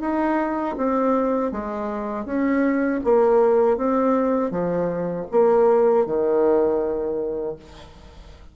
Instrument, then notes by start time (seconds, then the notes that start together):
bassoon
0.00 D#4
0.77 C4
1.51 G#3
2.25 C#4
3.04 A#3
3.77 C4
4.51 F3
5.31 A#3
6.06 D#3